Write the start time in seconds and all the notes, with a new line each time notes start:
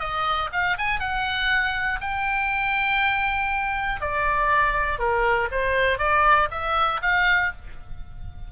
0.00 D#5
0.53 F5
0.78 G#5
1.00 F#5
2.01 G5
4.01 D5
4.99 A#4
5.52 C5
5.99 D5
6.51 E5
7.02 F5